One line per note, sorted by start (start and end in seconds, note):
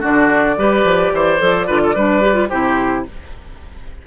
0.00 0.57 D3
0.00 0.56 D4
0.00 0.55 F#4
0.00 2.48 D5
0.57 0.84 G3
0.57 1.39 G4
0.57 1.13 B4
0.84 1.11 F3
1.12 1.40 E3
1.12 1.67 C5
1.39 1.68 F3
1.39 1.66 A4
1.67 1.95 D3
1.67 1.95 F4
1.67 1.81 B4
1.83 1.95 A4
1.95 2.50 G3
1.95 2.21 D4
1.95 2.50 B4
2.21 2.34 G4
2.34 2.47 F4
2.48 3.07 C3
2.48 3.06 E4
2.48 3.05 G4
2.48 3.03 C5